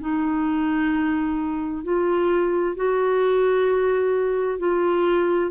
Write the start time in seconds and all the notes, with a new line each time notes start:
0.00 D#4
1.83 F4
2.76 F#4
4.59 F4